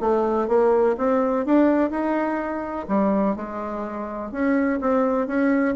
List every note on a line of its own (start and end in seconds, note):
0.00 0.48 A3
0.48 0.96 A#3
0.97 1.45 C4
1.45 1.90 D4
1.90 2.86 D#4
2.88 3.36 G3
3.36 4.31 G#3
4.31 4.79 C#4
4.80 5.27 C4
5.27 5.75 C#4